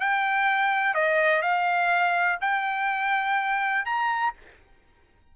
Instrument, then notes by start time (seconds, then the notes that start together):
trumpet
0.00 G5
0.95 D#5
1.42 F5
2.41 G5
3.86 A#5